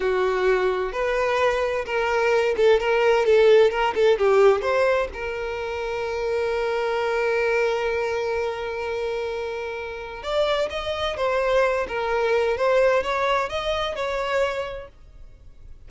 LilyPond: \new Staff \with { instrumentName = "violin" } { \time 4/4 \tempo 4 = 129 fis'2 b'2 | ais'4. a'8 ais'4 a'4 | ais'8 a'8 g'4 c''4 ais'4~ | ais'1~ |
ais'1~ | ais'2 d''4 dis''4 | c''4. ais'4. c''4 | cis''4 dis''4 cis''2 | }